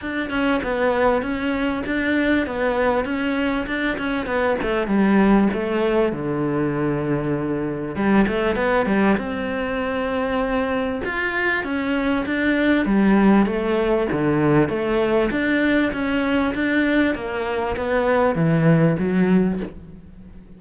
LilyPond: \new Staff \with { instrumentName = "cello" } { \time 4/4 \tempo 4 = 98 d'8 cis'8 b4 cis'4 d'4 | b4 cis'4 d'8 cis'8 b8 a8 | g4 a4 d2~ | d4 g8 a8 b8 g8 c'4~ |
c'2 f'4 cis'4 | d'4 g4 a4 d4 | a4 d'4 cis'4 d'4 | ais4 b4 e4 fis4 | }